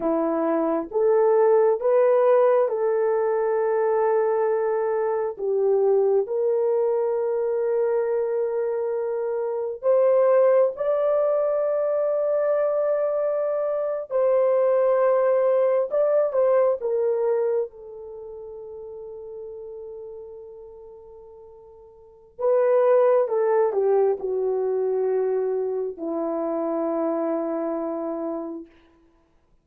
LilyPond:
\new Staff \with { instrumentName = "horn" } { \time 4/4 \tempo 4 = 67 e'4 a'4 b'4 a'4~ | a'2 g'4 ais'4~ | ais'2. c''4 | d''2.~ d''8. c''16~ |
c''4.~ c''16 d''8 c''8 ais'4 a'16~ | a'1~ | a'4 b'4 a'8 g'8 fis'4~ | fis'4 e'2. | }